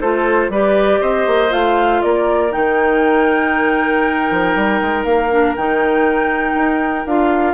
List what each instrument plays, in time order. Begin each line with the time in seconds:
0.00 bassoon A3, clarinet F4, oboe A4, flute C5
0.49 bassoon G3, clarinet G4, oboe B4, flute D5
1.00 bassoon C4, oboe C5, flute D#5
1.26 bassoon A#3
1.49 bassoon A3, clarinet F4, flute F5
2.02 bassoon A#3, oboe A#4, flute D5
2.50 bassoon D#3, clarinet D#4, flute G5
4.30 bassoon F3
4.55 bassoon G3
4.81 bassoon G#3
5.04 bassoon A#3, flute F5
5.30 clarinet D4
5.55 bassoon D#3, clarinet D#4, flute G5
6.54 bassoon D#4
7.05 bassoon D4, clarinet F4, flute F5